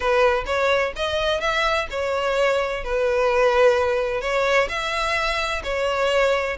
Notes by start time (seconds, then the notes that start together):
0.00 B4
0.46 C#5
0.95 D#5
1.40 E5
1.90 C#5
2.84 B4
4.21 C#5
4.68 E5
5.63 C#5